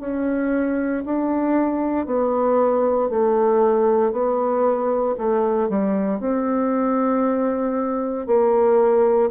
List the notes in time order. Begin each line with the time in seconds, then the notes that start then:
0.00 C#4
1.05 D4
2.06 B3
3.09 A3
4.12 B3
5.18 A3
5.69 G3
6.20 C4
8.27 A#3